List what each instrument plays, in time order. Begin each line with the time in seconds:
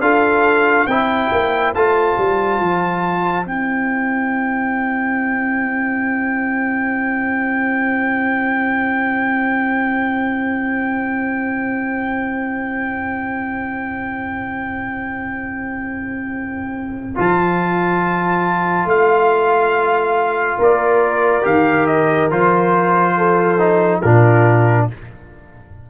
0.00 tuba D4, trombone F4, horn A4, trumpet F5
0.86 tuba C4, trombone E4, horn C5, trumpet G5
1.32 tuba A#3
1.74 tuba A3, trombone F4, trumpet A5
2.18 tuba G3
2.59 tuba F3
3.44 tuba C4, trombone E4, trumpet G5
17.15 tuba F3, trombone F4, trumpet A5
18.85 tuba A3, trumpet F5
20.57 tuba A#3, horn A#4, trumpet D5
21.42 tuba D#3, trombone G4, trumpet F5
21.86 trumpet D#5
22.30 tuba F3, trombone F4, trumpet C5
23.17 horn A4
23.59 trombone D#4
24.01 tuba A#2, trombone D4, horn F4, trumpet A#4